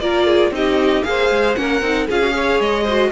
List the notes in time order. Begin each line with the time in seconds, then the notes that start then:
0.00 A#3 F4 A#4 D5
0.27 G#4
0.51 C4 D#4 G4 D#5
1.04 A#3 G#4 C5 F5
1.30 G#3
1.56 A#3 C#4 A#4 F#5
1.81 C4 D#4
2.08 C#4 F4 G#4 F5
2.23 F#4
2.31 G#4 C#5
2.60 G#3 D#5
2.84 F#4 C5